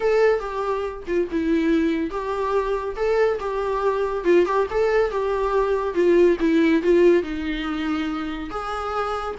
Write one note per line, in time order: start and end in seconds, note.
0.00 0.39 A4
0.39 1.03 G4
1.07 1.28 F4
1.31 2.10 E4
2.10 2.95 G4
2.96 3.38 A4
3.39 4.24 G4
4.24 4.45 F4
4.45 4.67 G4
4.70 5.10 A4
5.10 5.94 G4
5.94 6.37 F4
6.39 6.82 E4
6.82 7.22 F4
7.22 8.50 D#4
8.50 9.35 G#4